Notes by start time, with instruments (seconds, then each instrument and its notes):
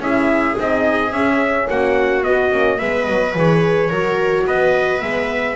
0.00 double bass C#4, horn E4, viola G#4, trumpet E5
0.55 double bass C4, horn D#4, trumpet D#5
1.12 double bass C#4, horn C#4, trumpet E5
1.70 double bass A#3, viola F#4, trumpet F#5
2.24 horn B3, double bass B3, trumpet D#5
2.51 double bass A#3, horn C#4
2.78 double bass G#3, horn B3, viola B4, trumpet E5
3.06 double bass F#3, trumpet D#5
3.36 double bass E3, horn G#4, trumpet C#5
3.90 double bass F#3, horn F#4, viola A#4
4.47 double bass B3, viola B4, trumpet D#5
5.01 double bass G#3, horn B3, trumpet E5